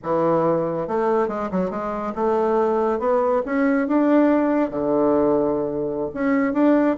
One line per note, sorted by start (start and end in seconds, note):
0.03 0.87 E3
0.87 1.28 A3
1.28 1.49 G#3
1.51 1.70 F#3
1.70 2.13 G#3
2.15 2.99 A3
2.99 3.42 B3
3.45 3.87 C#4
3.87 4.70 D4
4.70 6.09 D3
6.13 6.53 C#4
6.53 6.96 D4